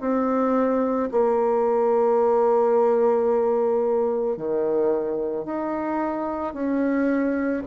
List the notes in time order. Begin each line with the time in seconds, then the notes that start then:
0.00 C4
1.11 A#3
4.36 D#3
5.45 D#4
6.53 C#4